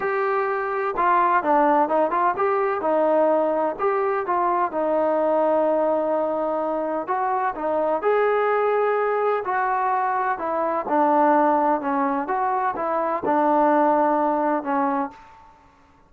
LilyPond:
\new Staff \with { instrumentName = "trombone" } { \time 4/4 \tempo 4 = 127 g'2 f'4 d'4 | dis'8 f'8 g'4 dis'2 | g'4 f'4 dis'2~ | dis'2. fis'4 |
dis'4 gis'2. | fis'2 e'4 d'4~ | d'4 cis'4 fis'4 e'4 | d'2. cis'4 | }